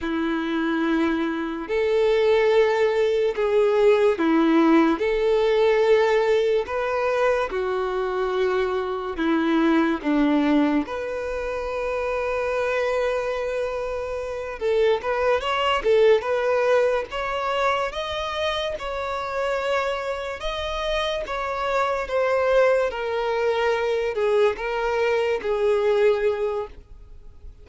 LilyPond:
\new Staff \with { instrumentName = "violin" } { \time 4/4 \tempo 4 = 72 e'2 a'2 | gis'4 e'4 a'2 | b'4 fis'2 e'4 | d'4 b'2.~ |
b'4. a'8 b'8 cis''8 a'8 b'8~ | b'8 cis''4 dis''4 cis''4.~ | cis''8 dis''4 cis''4 c''4 ais'8~ | ais'4 gis'8 ais'4 gis'4. | }